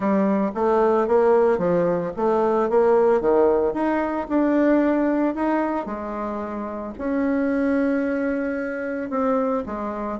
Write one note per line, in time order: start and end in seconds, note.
0.00 0.51 G3
0.54 1.07 A3
1.07 1.58 A#3
1.58 2.11 F3
2.16 2.69 A3
2.69 3.20 A#3
3.20 3.73 D#3
3.73 4.27 D#4
4.29 5.34 D4
5.34 5.85 D#4
5.85 6.93 G#3
6.98 9.09 C#4
9.09 9.63 C4
9.66 10.19 G#3